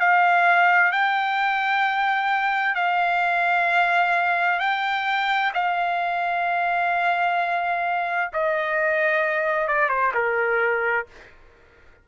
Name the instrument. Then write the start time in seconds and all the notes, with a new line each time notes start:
trumpet
0.00 F5
0.92 G5
2.76 F5
4.60 G5
5.54 F5
8.33 D#5
9.68 D5
9.89 C5
10.15 A#4